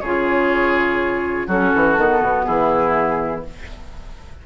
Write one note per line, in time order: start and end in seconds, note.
0.00 1.47 C#3
0.00 1.49 F4
0.00 1.47 G#4
0.00 1.48 C#5
1.47 1.72 F#3
1.47 1.97 C#4
1.47 2.45 F#4
1.47 2.44 A4
1.75 1.97 E3
1.97 2.21 D#3
1.97 3.45 B3
2.21 2.46 B2
2.44 3.46 E3
2.44 3.45 E4
2.44 3.43 G#4